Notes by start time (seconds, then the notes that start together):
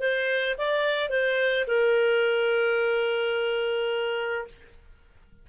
0.00 C5
0.58 D5
1.10 C5
1.67 A#4